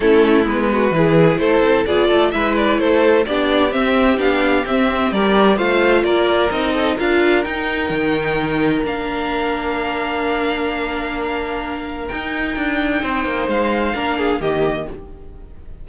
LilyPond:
<<
  \new Staff \with { instrumentName = "violin" } { \time 4/4 \tempo 4 = 129 a'4 b'2 c''4 | d''4 e''8 d''8 c''4 d''4 | e''4 f''4 e''4 d''4 | f''4 d''4 dis''4 f''4 |
g''2. f''4~ | f''1~ | f''2 g''2~ | g''4 f''2 dis''4 | }
  \new Staff \with { instrumentName = "violin" } { \time 4/4 e'4. fis'8 gis'4 a'4 | gis'8 a'8 b'4 a'4 g'4~ | g'2. ais'4 | c''4 ais'4. a'8 ais'4~ |
ais'1~ | ais'1~ | ais'1 | c''2 ais'8 gis'8 g'4 | }
  \new Staff \with { instrumentName = "viola" } { \time 4/4 cis'4 b4 e'2 | f'4 e'2 d'4 | c'4 d'4 c'4 g'4 | f'2 dis'4 f'4 |
dis'2. d'4~ | d'1~ | d'2 dis'2~ | dis'2 d'4 ais4 | }
  \new Staff \with { instrumentName = "cello" } { \time 4/4 a4 gis4 e4 a8 c'8 | b8 a8 gis4 a4 b4 | c'4 b4 c'4 g4 | a4 ais4 c'4 d'4 |
dis'4 dis2 ais4~ | ais1~ | ais2 dis'4 d'4 | c'8 ais8 gis4 ais4 dis4 | }
>>